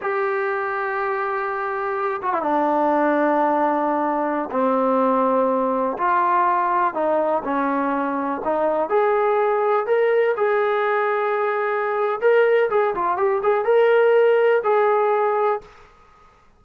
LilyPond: \new Staff \with { instrumentName = "trombone" } { \time 4/4 \tempo 4 = 123 g'1~ | g'8 fis'16 e'16 d'2.~ | d'4~ d'16 c'2~ c'8.~ | c'16 f'2 dis'4 cis'8.~ |
cis'4~ cis'16 dis'4 gis'4.~ gis'16~ | gis'16 ais'4 gis'2~ gis'8.~ | gis'4 ais'4 gis'8 f'8 g'8 gis'8 | ais'2 gis'2 | }